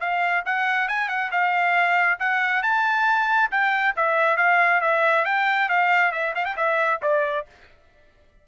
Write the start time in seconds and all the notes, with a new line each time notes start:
0.00 F5
0.45 F#5
0.88 G#5
1.08 F#5
1.31 F5
2.19 F#5
2.62 A5
3.51 G5
3.96 E5
4.37 F5
4.81 E5
5.25 G5
5.69 F5
6.12 E5
6.35 F5
6.45 G5
6.56 E5
7.02 D5